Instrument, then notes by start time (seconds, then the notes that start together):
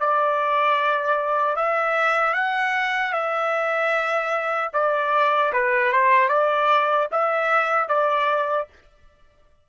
trumpet
0.00 D5
1.56 E5
2.34 F#5
3.13 E5
4.73 D5
5.53 B4
5.92 C5
6.28 D5
7.11 E5
7.88 D5